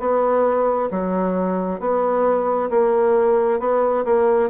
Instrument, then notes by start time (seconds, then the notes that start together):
bassoon
0.00 B3
0.91 F#3
1.80 B3
2.70 A#3
3.60 B3
4.05 A#3